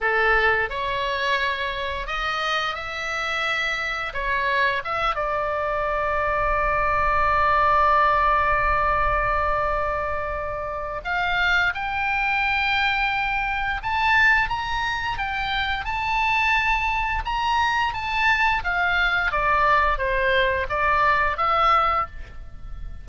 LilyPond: \new Staff \with { instrumentName = "oboe" } { \time 4/4 \tempo 4 = 87 a'4 cis''2 dis''4 | e''2 cis''4 e''8 d''8~ | d''1~ | d''1 |
f''4 g''2. | a''4 ais''4 g''4 a''4~ | a''4 ais''4 a''4 f''4 | d''4 c''4 d''4 e''4 | }